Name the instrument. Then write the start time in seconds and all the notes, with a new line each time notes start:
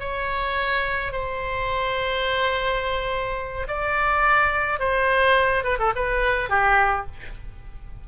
oboe
0.00 C#5
1.12 C5
3.68 D5
4.80 C5
5.64 B4
5.79 A4
5.95 B4
6.50 G4